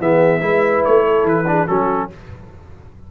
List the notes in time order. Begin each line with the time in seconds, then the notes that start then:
0.00 E3 B3 G#4 E5
0.41 G#3 E4 B4
0.85 A3 C#5
1.06 A4
1.24 E3 B4
1.47 D4 G#4
1.67 F#3 C#4 F#4 A4